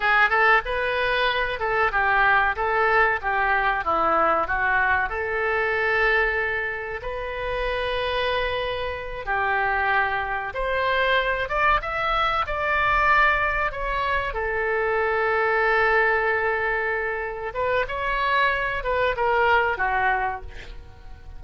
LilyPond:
\new Staff \with { instrumentName = "oboe" } { \time 4/4 \tempo 4 = 94 gis'8 a'8 b'4. a'8 g'4 | a'4 g'4 e'4 fis'4 | a'2. b'4~ | b'2~ b'8 g'4.~ |
g'8 c''4. d''8 e''4 d''8~ | d''4. cis''4 a'4.~ | a'2.~ a'8 b'8 | cis''4. b'8 ais'4 fis'4 | }